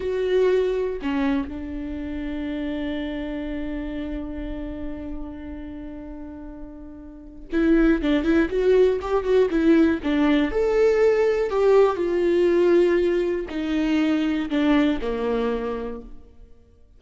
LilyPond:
\new Staff \with { instrumentName = "viola" } { \time 4/4 \tempo 4 = 120 fis'2 cis'4 d'4~ | d'1~ | d'1~ | d'2. e'4 |
d'8 e'8 fis'4 g'8 fis'8 e'4 | d'4 a'2 g'4 | f'2. dis'4~ | dis'4 d'4 ais2 | }